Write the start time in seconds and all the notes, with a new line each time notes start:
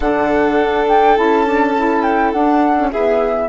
0.00 D3 D4 A4 F#5
0.62 D4
0.88 G5
1.16 C#4 E4 A5
1.45 D4
1.76 E4
2.02 G5
2.32 D4 F#5
2.78 C#4
2.92 B3 E4 G#4 E5